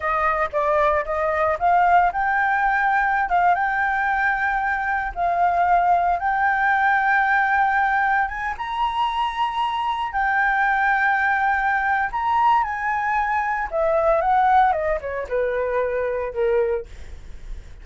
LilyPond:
\new Staff \with { instrumentName = "flute" } { \time 4/4 \tempo 4 = 114 dis''4 d''4 dis''4 f''4 | g''2~ g''16 f''8 g''4~ g''16~ | g''4.~ g''16 f''2 g''16~ | g''2.~ g''8. gis''16~ |
gis''16 ais''2. g''8.~ | g''2. ais''4 | gis''2 e''4 fis''4 | dis''8 cis''8 b'2 ais'4 | }